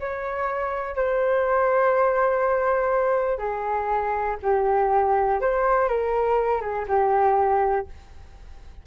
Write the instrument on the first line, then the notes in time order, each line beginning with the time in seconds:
flute
0.00 C#5
0.95 C5
3.38 G#4
4.42 G4
5.41 C5
5.88 A#4
6.61 G#4
6.88 G4